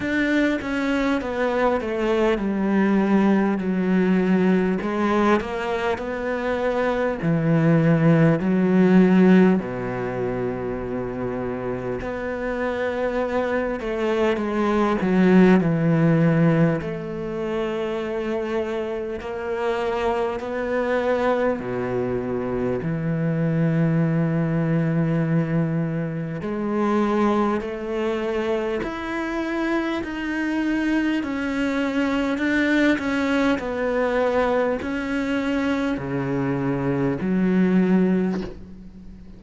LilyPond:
\new Staff \with { instrumentName = "cello" } { \time 4/4 \tempo 4 = 50 d'8 cis'8 b8 a8 g4 fis4 | gis8 ais8 b4 e4 fis4 | b,2 b4. a8 | gis8 fis8 e4 a2 |
ais4 b4 b,4 e4~ | e2 gis4 a4 | e'4 dis'4 cis'4 d'8 cis'8 | b4 cis'4 cis4 fis4 | }